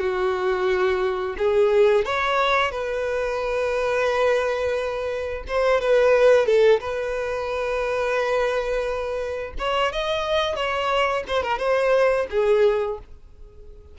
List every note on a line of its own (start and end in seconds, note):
0.00 1.36 F#4
1.39 2.05 G#4
2.05 2.72 C#5
2.72 5.45 B4
5.48 5.81 C5
5.81 6.46 B4
6.46 6.81 A4
6.81 9.54 B4
9.59 9.93 C#5
9.93 10.56 D#5
10.56 11.24 C#5
11.28 11.43 C5
11.43 11.59 A#4
11.59 12.27 C5
12.31 12.99 G#4